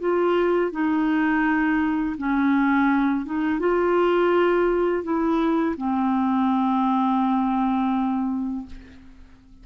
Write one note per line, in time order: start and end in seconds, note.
0.00 0.72 F4
0.72 2.16 D#4
2.18 3.26 C#4
3.26 3.59 D#4
3.59 5.03 F4
5.03 5.76 E4
5.77 8.66 C4